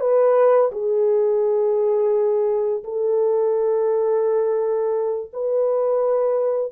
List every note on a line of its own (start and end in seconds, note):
0.00 0.71 B4
0.72 2.83 G#4
2.84 5.31 A4
5.33 6.72 B4